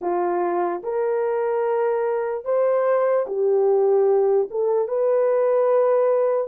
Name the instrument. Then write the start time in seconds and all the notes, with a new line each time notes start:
horn
0.01 F4
0.83 A#4
2.44 C5
3.27 G4
4.50 A4
4.88 B4